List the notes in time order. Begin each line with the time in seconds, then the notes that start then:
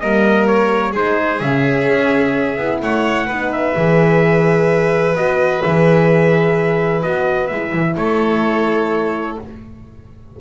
0.00 G3 A#3 A#4 D#5
0.47 C#5
0.92 G#3 D#4 G#4 C5
1.40 C#3 C#4 E5
1.88 C#4
2.58 B3 E4
2.82 A3 C#5 F#5
3.27 B3 D#4 B4
3.52 E5
3.76 E3 G#4
5.16 B3 F#4 D#5
5.62 E3 G#4 E5
7.03 B3 F#4 D#5
7.48 G#3 E4 E5
7.73 E3
7.97 A3 A4 C#5